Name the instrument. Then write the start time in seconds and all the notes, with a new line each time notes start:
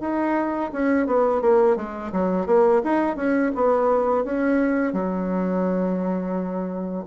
bassoon
0.00 D#4
0.72 C#4
1.07 B3
1.41 A#3
1.76 G#3
2.12 F#3
2.46 A#3
2.83 D#4
3.16 C#4
3.55 B3
4.24 C#4
4.93 F#3